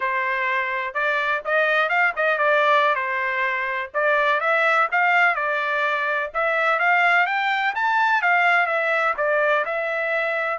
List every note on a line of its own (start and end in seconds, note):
0.00 0.94 C5
0.94 1.41 D5
1.45 1.89 D#5
1.89 2.13 F5
2.16 2.37 D#5
2.37 2.95 D5
2.95 3.90 C5
3.94 4.40 D5
4.40 4.88 E5
4.91 5.35 F5
5.35 6.30 D5
6.34 6.79 E5
6.79 7.26 F5
7.26 7.74 G5
7.75 8.21 A5
8.21 8.66 F5
8.66 9.14 E5
9.17 9.64 D5
9.65 10.58 E5